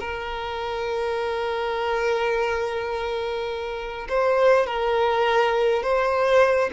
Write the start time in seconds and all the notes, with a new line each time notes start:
0.00 A#4
4.09 C5
4.67 A#4
5.83 C5